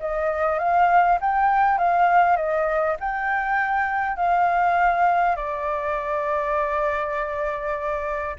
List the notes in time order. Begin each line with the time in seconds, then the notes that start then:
0.00 D#5
0.59 F5
1.21 G5
1.78 F5
2.36 D#5
3.00 G5
4.16 F5
5.36 D5